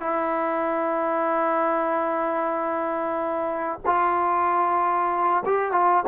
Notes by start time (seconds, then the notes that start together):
0.00 E4
3.85 F4
5.45 G4
5.71 F4